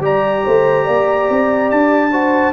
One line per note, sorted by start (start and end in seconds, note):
0.00 0.42 G3
0.00 2.10 G4
0.00 0.45 D5
0.00 1.70 A#5
0.45 0.87 A3
0.45 0.85 C5
0.85 1.29 A#3
0.85 2.10 D5
1.30 1.71 C4
1.70 2.53 D4
1.70 2.53 A5
2.11 2.53 F#4
2.11 2.53 C5